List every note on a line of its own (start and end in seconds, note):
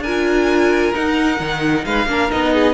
0.00 0.91 D4
0.00 1.85 A#4
0.00 0.95 G#5
0.07 0.94 F4
0.94 2.07 D#4
0.94 1.40 D#4
0.94 1.86 F#5
1.40 1.86 D#3
1.86 2.06 G#3
1.86 2.09 B4
1.86 2.31 F5
2.06 2.29 A#3
2.06 2.30 D4
2.06 2.55 A#4
2.30 2.74 B3
2.30 2.74 D#4
2.30 2.74 D#5
2.55 2.74 G#4